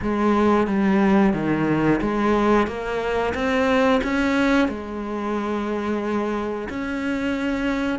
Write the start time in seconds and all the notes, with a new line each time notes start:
0.02 G#3
0.67 G3
1.33 D#3
2.01 G#3
2.67 A#3
3.34 C4
4.03 C#4
4.68 G#3
6.69 C#4